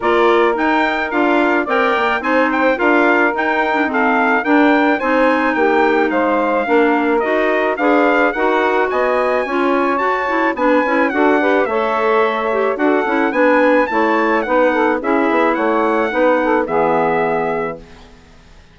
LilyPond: <<
  \new Staff \with { instrumentName = "trumpet" } { \time 4/4 \tempo 4 = 108 d''4 g''4 f''4 g''4 | gis''8 g''8 f''4 g''4 f''4 | g''4 gis''4 g''4 f''4~ | f''4 dis''4 f''4 fis''4 |
gis''2 a''4 gis''4 | fis''4 e''2 fis''4 | gis''4 a''4 fis''4 e''4 | fis''2 e''2 | }
  \new Staff \with { instrumentName = "saxophone" } { \time 4/4 ais'2. d''4 | c''4 ais'2 a'4 | ais'4 c''4 g'4 c''4 | ais'2 b'4 ais'4 |
dis''4 cis''2 b'4 | a'8 b'8 cis''2 a'4 | b'4 cis''4 b'8 a'8 gis'4 | cis''4 b'8 a'8 gis'2 | }
  \new Staff \with { instrumentName = "clarinet" } { \time 4/4 f'4 dis'4 f'4 ais'4 | dis'4 f'4 dis'8. d'16 c'4 | d'4 dis'2. | d'4 fis'4 gis'4 fis'4~ |
fis'4 f'4 fis'8 e'8 d'8 e'8 | fis'8 g'8 a'4. g'8 fis'8 e'8 | d'4 e'4 dis'4 e'4~ | e'4 dis'4 b2 | }
  \new Staff \with { instrumentName = "bassoon" } { \time 4/4 ais4 dis'4 d'4 c'8 ais8 | c'4 d'4 dis'2 | d'4 c'4 ais4 gis4 | ais4 dis'4 d'4 dis'4 |
b4 cis'4 fis'4 b8 cis'8 | d'4 a2 d'8 cis'8 | b4 a4 b4 cis'8 b8 | a4 b4 e2 | }
>>